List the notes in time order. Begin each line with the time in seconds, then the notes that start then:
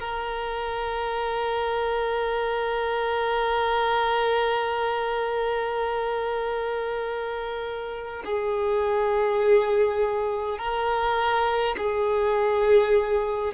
0.00 A#4
8.25 G#4
10.58 A#4
11.78 G#4